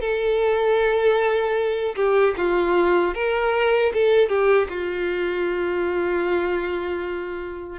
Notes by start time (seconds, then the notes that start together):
0.00 A4
1.95 G4
2.37 F4
3.14 A#4
3.93 A4
4.28 G4
4.69 F4